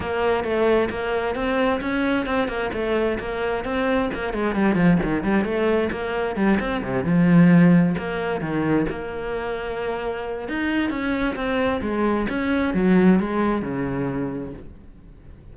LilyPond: \new Staff \with { instrumentName = "cello" } { \time 4/4 \tempo 4 = 132 ais4 a4 ais4 c'4 | cis'4 c'8 ais8 a4 ais4 | c'4 ais8 gis8 g8 f8 dis8 g8 | a4 ais4 g8 c'8 c8 f8~ |
f4. ais4 dis4 ais8~ | ais2. dis'4 | cis'4 c'4 gis4 cis'4 | fis4 gis4 cis2 | }